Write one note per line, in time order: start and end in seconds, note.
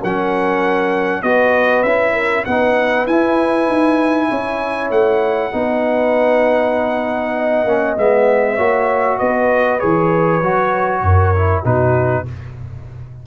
0.00 1.23 F#3
0.00 1.24 C#4
0.00 1.22 A#4
0.00 1.22 F#5
1.22 1.84 B3
1.22 1.86 F#4
1.22 2.13 B4
1.22 1.83 D#5
1.83 2.45 C#4
1.83 2.47 E4
1.83 2.44 E5
2.13 2.44 A#4
2.45 3.07 B3
2.45 3.08 D#4
2.45 4.29 B4
2.45 3.06 F#5
3.07 3.68 E4
3.07 5.52 E4
3.07 4.91 G#5
3.68 4.30 D#4
4.29 4.91 C#4
4.29 5.51 C#5
4.91 5.52 A3
4.91 7.97 F#5
5.52 7.65 B3
5.52 7.66 D#4
5.52 7.36 B4
7.36 8.56 D#5
7.65 7.96 A#3
7.65 7.97 C#4
7.97 8.58 G#3
7.97 8.58 B3
7.97 9.19 E5
8.56 9.20 A#3
8.56 9.80 F#4
8.56 9.17 C#5
9.18 9.82 B3
9.18 11.02 B4
9.18 9.80 D#5
9.80 10.42 E3
9.80 10.41 G#4
9.80 11.63 C#5
10.42 11.02 F#3
10.42 11.35 F#4
11.02 11.63 F#2
11.02 11.63 A#4
11.36 11.64 E4
11.63 12.26 B2
11.63 12.25 D#4
11.63 12.24 F#4
11.63 12.27 B4